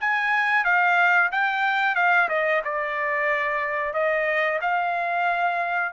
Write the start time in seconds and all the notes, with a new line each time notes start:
0.00 G#5
0.64 F5
1.31 G5
1.95 F5
2.29 D#5
2.64 D5
3.93 D#5
4.61 F5